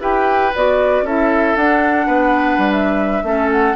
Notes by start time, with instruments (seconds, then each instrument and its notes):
0.00 bassoon E4, clarinet G4, oboe B4, flute G5
0.54 bassoon B3, clarinet F#4, flute D5
1.02 bassoon C#4, clarinet E4, oboe A4, flute E5
1.56 bassoon D4, clarinet D4, flute F#5
2.07 bassoon B3, oboe B4
2.58 bassoon G3
2.72 flute E5
3.23 bassoon A3, clarinet C#4, oboe A4
3.51 flute F#5